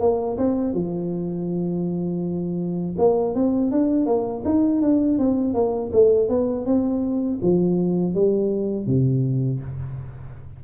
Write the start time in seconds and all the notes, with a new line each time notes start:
0.00 A#3
0.37 C4
0.74 F3
2.98 A#3
3.35 C4
3.71 D4
4.06 A#3
4.44 D#4
4.81 D4
5.18 C4
5.54 A#3
5.93 A3
6.29 B3
6.65 C4
7.42 F3
8.14 G3
8.86 C3